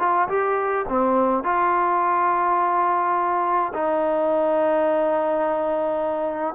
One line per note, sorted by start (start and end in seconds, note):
0.00 0.29 F4
0.29 0.86 G4
0.89 1.44 C4
1.44 3.73 F4
3.75 6.55 D#4